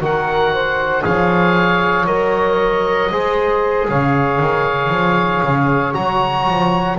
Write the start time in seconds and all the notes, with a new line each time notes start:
0.00 D#3 F#4 A#4 F#5
0.52 C5
1.02 F3 G#4 C#5 F5
2.06 F#3 A#4 D#5
3.11 G#3 G#4 C5
3.87 C#3 C#5 F5
4.39 D#3
4.89 F3
5.43 C#3
5.93 F#3 F#4 A#5
6.48 F3